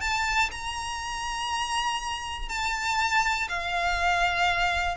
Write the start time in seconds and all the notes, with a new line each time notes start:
0.00 A5
0.51 A#5
2.48 A5
3.48 F5